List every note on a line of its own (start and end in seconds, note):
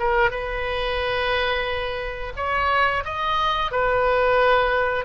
0.00 0.31 A#4
0.31 2.34 B4
2.37 3.04 C#5
3.05 3.72 D#5
3.72 5.06 B4